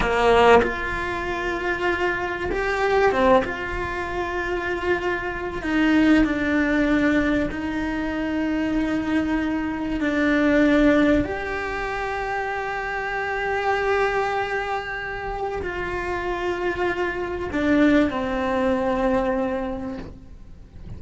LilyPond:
\new Staff \with { instrumentName = "cello" } { \time 4/4 \tempo 4 = 96 ais4 f'2. | g'4 c'8 f'2~ f'8~ | f'4 dis'4 d'2 | dis'1 |
d'2 g'2~ | g'1~ | g'4 f'2. | d'4 c'2. | }